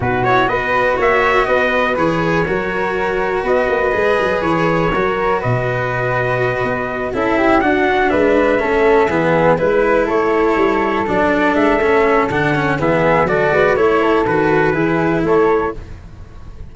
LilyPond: <<
  \new Staff \with { instrumentName = "trumpet" } { \time 4/4 \tempo 4 = 122 b'8 cis''8 dis''4 e''4 dis''4 | cis''2. dis''4~ | dis''4 cis''2 dis''4~ | dis''2~ dis''8 e''4 fis''8~ |
fis''8 e''2. b'8~ | b'8 cis''2 d''4 e''8~ | e''4 fis''4 e''4 d''4 | cis''4 b'2 cis''4 | }
  \new Staff \with { instrumentName = "flute" } { \time 4/4 fis'4 b'4 cis''4 b'4~ | b'4 ais'2 b'4~ | b'2 ais'4 b'4~ | b'2~ b'8 a'8 g'8 fis'8~ |
fis'8 b'4 a'4 gis'4 b'8~ | b'8 a'2.~ a'8~ | a'2 gis'4 a'8 b'8 | cis''8 a'4. gis'4 a'4 | }
  \new Staff \with { instrumentName = "cello" } { \time 4/4 dis'8 e'8 fis'2. | gis'4 fis'2. | gis'2 fis'2~ | fis'2~ fis'8 e'4 d'8~ |
d'4. cis'4 b4 e'8~ | e'2~ e'8 d'4. | cis'4 d'8 cis'8 b4 fis'4 | e'4 fis'4 e'2 | }
  \new Staff \with { instrumentName = "tuba" } { \time 4/4 b,4 b4 ais4 b4 | e4 fis2 b8 ais8 | gis8 fis8 e4 fis4 b,4~ | b,4. b4 cis'4 d'8~ |
d'8 gis4 a4 e4 gis8~ | gis8 a4 g4 fis4 gis8 | a4 d4 e4 fis8 gis8 | a4 dis4 e4 a4 | }
>>